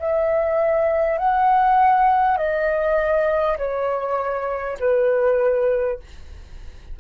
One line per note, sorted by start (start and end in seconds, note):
0.00 1.19 E5
1.19 2.38 F#5
2.38 3.58 D#5
3.58 4.78 C#5
4.80 6.00 B4